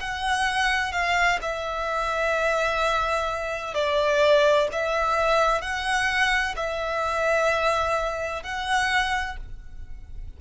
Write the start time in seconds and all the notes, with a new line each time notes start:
0.00 F#5
0.92 F5
1.42 E5
3.75 D5
4.73 E5
5.61 F#5
6.56 E5
8.43 F#5